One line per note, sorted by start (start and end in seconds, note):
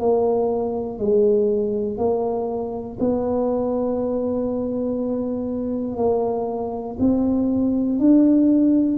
0.00 0.99 A#3
0.99 1.98 G#3
1.98 2.98 A#3
3.00 5.97 B3
5.97 6.97 A#3
6.99 7.99 C4
8.00 8.98 D4